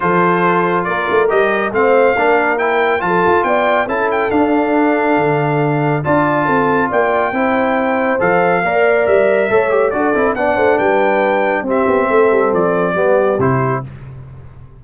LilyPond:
<<
  \new Staff \with { instrumentName = "trumpet" } { \time 4/4 \tempo 4 = 139 c''2 d''4 dis''4 | f''2 g''4 a''4 | g''4 a''8 g''8 f''2~ | f''2 a''2 |
g''2. f''4~ | f''4 e''2 d''4 | fis''4 g''2 e''4~ | e''4 d''2 c''4 | }
  \new Staff \with { instrumentName = "horn" } { \time 4/4 a'2 ais'2 | c''4 ais'2 a'4 | d''4 a'2.~ | a'2 d''4 a'4 |
d''4 c''2. | d''2 cis''4 a'4 | d''8 c''8 b'2 g'4 | a'2 g'2 | }
  \new Staff \with { instrumentName = "trombone" } { \time 4/4 f'2. g'4 | c'4 d'4 e'4 f'4~ | f'4 e'4 d'2~ | d'2 f'2~ |
f'4 e'2 a'4 | ais'2 a'8 g'8 fis'8 e'8 | d'2. c'4~ | c'2 b4 e'4 | }
  \new Staff \with { instrumentName = "tuba" } { \time 4/4 f2 ais8 a8 g4 | a4 ais2 f8 f'8 | b4 cis'4 d'2 | d2 d'4 c'4 |
ais4 c'2 f4 | ais4 g4 a4 d'8 c'8 | b8 a8 g2 c'8 b8 | a8 g8 f4 g4 c4 | }
>>